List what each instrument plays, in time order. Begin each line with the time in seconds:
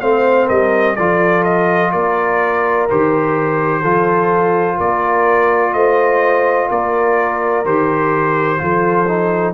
0.00 tuba A3, trombone C4, horn C5, trumpet F5
0.47 tuba G3, horn A#4, trumpet D#5
0.96 tuba F3, trombone F4, horn A4, trumpet D5
1.44 trumpet D#5
1.92 tuba A#3, horn A#4, trumpet D5
2.90 tuba D#3, trombone G4, trumpet C5
3.81 tuba F3, trombone F4, horn A4
4.77 tuba A#3, horn A#4, trumpet D5
5.74 tuba A3, horn C5, trumpet D#5
6.69 tuba A#3, horn A#4, trumpet D5
7.65 tuba D#3, trombone G4, trumpet C5
8.58 tuba F3, trombone F4, horn A4
9.08 trombone D#4